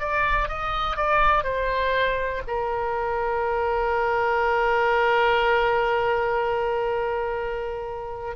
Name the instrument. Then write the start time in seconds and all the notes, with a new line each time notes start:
oboe
0.00 D5
0.48 D#5
0.97 D5
1.44 C5
2.47 A#4